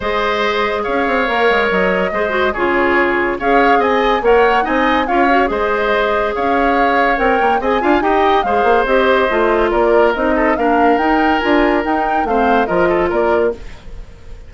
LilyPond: <<
  \new Staff \with { instrumentName = "flute" } { \time 4/4 \tempo 4 = 142 dis''2 f''2 | dis''2 cis''2 | f''4 gis''4 fis''4 gis''4 | f''4 dis''2 f''4~ |
f''4 g''4 gis''4 g''4 | f''4 dis''2 d''4 | dis''4 f''4 g''4 gis''4 | g''4 f''4 dis''4 d''4 | }
  \new Staff \with { instrumentName = "oboe" } { \time 4/4 c''2 cis''2~ | cis''4 c''4 gis'2 | cis''4 dis''4 cis''4 dis''4 | cis''4 c''2 cis''4~ |
cis''2 dis''8 f''8 dis''4 | c''2. ais'4~ | ais'8 a'8 ais'2.~ | ais'4 c''4 ais'8 a'8 ais'4 | }
  \new Staff \with { instrumentName = "clarinet" } { \time 4/4 gis'2. ais'4~ | ais'4 gis'8 fis'8 f'2 | gis'2 ais'4 dis'4 | f'8 fis'8 gis'2.~ |
gis'4 ais'4 gis'8 f'8 g'4 | gis'4 g'4 f'2 | dis'4 d'4 dis'4 f'4 | dis'4 c'4 f'2 | }
  \new Staff \with { instrumentName = "bassoon" } { \time 4/4 gis2 cis'8 c'8 ais8 gis8 | fis4 gis4 cis2 | cis'4 c'4 ais4 c'4 | cis'4 gis2 cis'4~ |
cis'4 c'8 ais8 c'8 d'8 dis'4 | gis8 ais8 c'4 a4 ais4 | c'4 ais4 dis'4 d'4 | dis'4 a4 f4 ais4 | }
>>